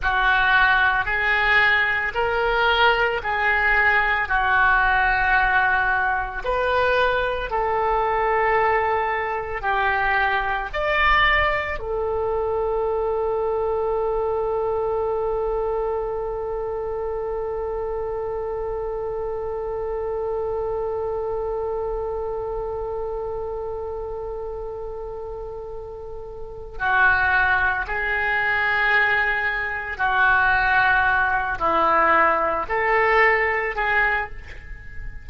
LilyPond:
\new Staff \with { instrumentName = "oboe" } { \time 4/4 \tempo 4 = 56 fis'4 gis'4 ais'4 gis'4 | fis'2 b'4 a'4~ | a'4 g'4 d''4 a'4~ | a'1~ |
a'1~ | a'1~ | a'4 fis'4 gis'2 | fis'4. e'4 a'4 gis'8 | }